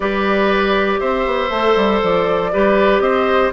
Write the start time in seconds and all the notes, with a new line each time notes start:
0.00 G3 G4 B4 D5
0.99 C4 C5 E5
1.26 B3
1.49 A3 A4
1.75 G3
2.02 F3 D5
2.52 G3 G4 B4
3.00 C4 C5 D#5